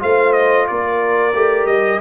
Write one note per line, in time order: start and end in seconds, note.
0.00 0.70 A3
0.00 1.33 F4
0.00 0.68 C5
0.00 0.33 F5
0.33 0.67 D#5
0.68 1.34 A#3
0.68 2.01 A#4
0.68 1.67 D5
1.34 1.67 A3
1.34 2.01 G4
1.67 2.00 G3
1.67 2.00 D#5